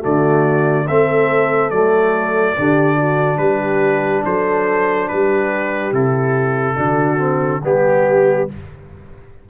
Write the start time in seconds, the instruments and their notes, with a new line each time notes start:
0.00 tuba D3, trombone A3, horn F#4, trumpet D5
0.87 tuba A3, trombone C4, horn A4, trumpet E5
1.70 tuba F#3, trombone A3, trumpet D5
2.57 tuba D3, trombone D4, horn G4
2.96 horn F#4
3.38 tuba G3, horn G4, trumpet B4
4.24 tuba F#3, horn A4, trumpet C5
5.08 tuba G3, horn G4, trumpet B4
5.92 tuba C3, trombone E4, trumpet A4
6.76 tuba D3, trombone D4, horn F#4
7.18 trombone C4
7.63 tuba G3, trombone B3, horn G4, trumpet G4